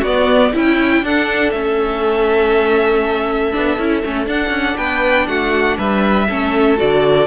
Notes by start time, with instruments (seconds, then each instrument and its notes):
0.00 cello B3, viola B3, violin F#4 D5
0.53 cello C#4, viola E4, violin E4 G5
1.03 cello D4, viola D4, violin A4 F#5
1.51 cello A3, viola C#4, violin E5
3.53 cello B3, viola D4
3.78 cello C#4, viola E4
4.04 cello A3, viola C#4
4.26 cello D4, viola D4, violin F#5
4.50 cello C#4
4.77 cello B3, violin B4 G5
5.28 cello A3, violin F#4 F#5
5.78 cello G3, violin B4 E5
6.28 cello A3, viola C#4, violin A4
6.77 cello D3, viola F#4, violin D5